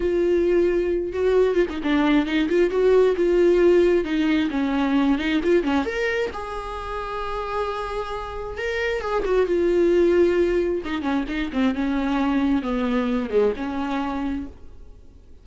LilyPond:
\new Staff \with { instrumentName = "viola" } { \time 4/4 \tempo 4 = 133 f'2~ f'8 fis'4 f'16 dis'16 | d'4 dis'8 f'8 fis'4 f'4~ | f'4 dis'4 cis'4. dis'8 | f'8 cis'8 ais'4 gis'2~ |
gis'2. ais'4 | gis'8 fis'8 f'2. | dis'8 cis'8 dis'8 c'8 cis'2 | b4. gis8 cis'2 | }